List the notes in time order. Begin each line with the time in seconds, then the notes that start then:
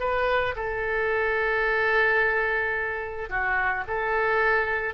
0.00 B4
0.56 A4
3.30 F#4
3.88 A4